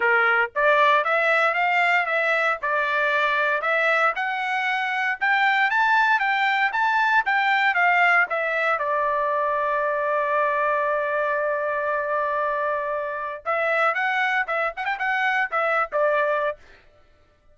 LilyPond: \new Staff \with { instrumentName = "trumpet" } { \time 4/4 \tempo 4 = 116 ais'4 d''4 e''4 f''4 | e''4 d''2 e''4 | fis''2 g''4 a''4 | g''4 a''4 g''4 f''4 |
e''4 d''2.~ | d''1~ | d''2 e''4 fis''4 | e''8 fis''16 g''16 fis''4 e''8. d''4~ d''16 | }